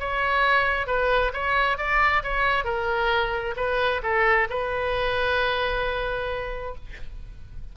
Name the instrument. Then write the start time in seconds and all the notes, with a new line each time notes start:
oboe
0.00 C#5
0.87 B4
1.34 C#5
1.78 D5
2.24 C#5
2.65 A#4
3.57 B4
4.03 A4
4.50 B4